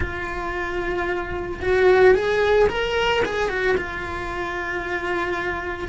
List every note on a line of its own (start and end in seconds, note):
0.00 1.60 F4
1.61 2.14 F#4
2.14 2.68 G#4
2.69 3.22 A#4
3.25 3.49 G#4
3.49 3.75 F#4
3.77 5.88 F4